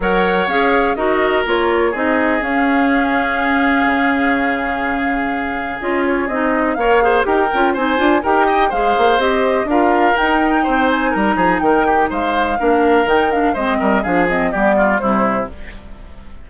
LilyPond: <<
  \new Staff \with { instrumentName = "flute" } { \time 4/4 \tempo 4 = 124 fis''4 f''4 dis''4 cis''4 | dis''4 f''2.~ | f''1 | dis''8 cis''8 dis''4 f''4 g''4 |
gis''4 g''4 f''4 dis''4 | f''4 g''4. gis''8 ais''4 | g''4 f''2 g''8 f''8 | dis''4 f''8 dis''8 d''4 c''4 | }
  \new Staff \with { instrumentName = "oboe" } { \time 4/4 cis''2 ais'2 | gis'1~ | gis'1~ | gis'2 cis''8 c''8 ais'4 |
c''4 ais'8 dis''8 c''2 | ais'2 c''4 ais'8 gis'8 | ais'8 g'8 c''4 ais'2 | c''8 ais'8 gis'4 g'8 f'8 e'4 | }
  \new Staff \with { instrumentName = "clarinet" } { \time 4/4 ais'4 gis'4 fis'4 f'4 | dis'4 cis'2.~ | cis'1 | f'4 dis'4 ais'8 gis'8 g'8 f'8 |
dis'8 f'8 g'4 gis'4 g'4 | f'4 dis'2.~ | dis'2 d'4 dis'8 d'8 | c'4 d'8 c'8 b4 g4 | }
  \new Staff \with { instrumentName = "bassoon" } { \time 4/4 fis4 cis'4 dis'4 ais4 | c'4 cis'2. | cis1 | cis'4 c'4 ais4 dis'8 cis'8 |
c'8 d'8 dis'4 gis8 ais8 c'4 | d'4 dis'4 c'4 g8 f8 | dis4 gis4 ais4 dis4 | gis8 g8 f4 g4 c4 | }
>>